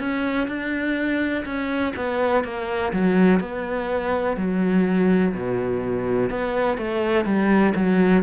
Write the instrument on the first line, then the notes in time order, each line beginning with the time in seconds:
cello
0.00 C#4
0.48 D4
1.45 C#4
1.96 B3
2.44 A#3
2.93 F#3
3.40 B3
4.37 F#3
5.34 B2
6.30 B3
6.78 A3
7.25 G3
7.76 F#3